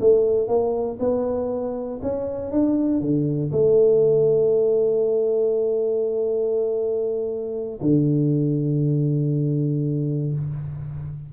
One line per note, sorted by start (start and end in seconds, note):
0.00 0.48 A3
0.48 0.98 A#3
0.99 2.00 B3
2.02 2.51 C#4
2.51 3.00 D4
3.00 3.51 D3
3.52 7.80 A3
7.81 10.33 D3